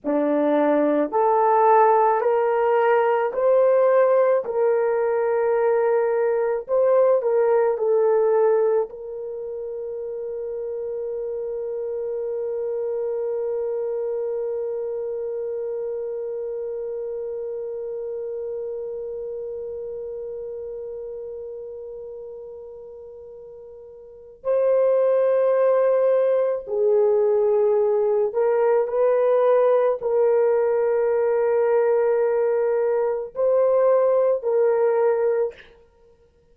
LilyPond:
\new Staff \with { instrumentName = "horn" } { \time 4/4 \tempo 4 = 54 d'4 a'4 ais'4 c''4 | ais'2 c''8 ais'8 a'4 | ais'1~ | ais'1~ |
ais'1~ | ais'2 c''2 | gis'4. ais'8 b'4 ais'4~ | ais'2 c''4 ais'4 | }